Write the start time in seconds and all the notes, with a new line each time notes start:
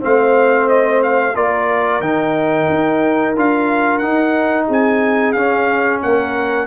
0.00 A3 C4 C5 F5
0.68 D#5
1.02 F5
1.35 A#3 F4 A#4 D5
2.00 D#3 D#4 G5
2.69 D#4
3.36 D4 F4 F5
3.98 D#4 F#5
4.67 C4 G#4 G#5
5.32 C#4 F5
6.02 A#3 A#4 F#5